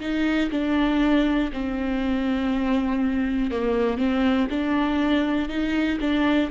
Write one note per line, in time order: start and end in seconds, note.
0.00 0.50 D#4
0.50 1.50 D4
1.52 3.50 C4
3.50 3.97 A#3
3.97 4.47 C4
4.50 5.49 D4
5.49 5.99 D#4
6.00 6.50 D4